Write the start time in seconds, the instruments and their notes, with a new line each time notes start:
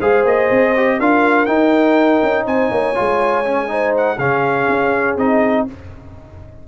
0.00 tuba G#3, trombone G#4, horn C5, trumpet F5
0.25 tuba A#3, trumpet D#5
0.51 tuba C4
0.77 trombone G4
0.99 tuba D4, trombone F4, horn A#4, trumpet F5
1.46 tuba D#4, trombone D#4, trumpet G5
2.23 tuba C#4
2.46 tuba C4, horn C5, trumpet G#5
2.71 tuba A#3, horn C#5
2.95 tuba G#3, trombone F4
3.45 trombone C#4
3.68 trombone D#4, horn C5
3.97 trumpet F#5
4.18 tuba C#3, trombone C#4, horn G#4, trumpet F5
4.69 tuba C#4
5.18 tuba C4, trombone D#4, trumpet D#5